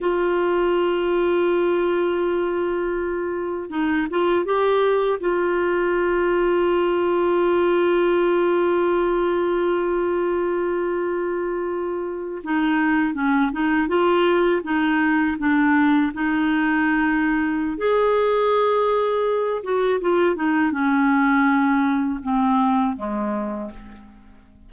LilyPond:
\new Staff \with { instrumentName = "clarinet" } { \time 4/4 \tempo 4 = 81 f'1~ | f'4 dis'8 f'8 g'4 f'4~ | f'1~ | f'1~ |
f'8. dis'4 cis'8 dis'8 f'4 dis'16~ | dis'8. d'4 dis'2~ dis'16 | gis'2~ gis'8 fis'8 f'8 dis'8 | cis'2 c'4 gis4 | }